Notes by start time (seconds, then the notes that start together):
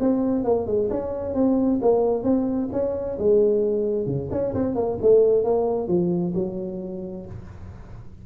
0.00 C4
0.44 A#3
0.66 G#3
0.90 C#4
1.34 C4
1.82 A#3
2.24 C4
2.72 C#4
3.18 G#3
4.06 C#3
4.31 C#4
4.54 C4
4.75 A#3
5.02 A3
5.44 A#3
5.88 F3
6.35 F#3